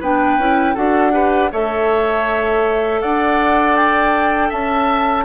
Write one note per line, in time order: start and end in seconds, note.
0.00 0.38 B3
0.00 0.39 D4
0.00 0.74 B4
0.00 0.76 G5
0.38 0.75 C#4
0.38 0.75 E4
0.74 1.52 D4
0.74 1.12 F#4
0.74 1.12 A4
0.74 1.51 F#5
1.12 1.50 G4
1.12 1.51 B4
1.52 3.03 A3
1.52 5.25 A4
1.52 3.01 C#5
1.52 3.01 E5
3.01 4.52 D4
3.01 4.49 D5
3.01 3.76 F#5
3.76 4.51 G5
4.49 5.25 C#4
4.49 5.24 E5
4.49 5.25 A5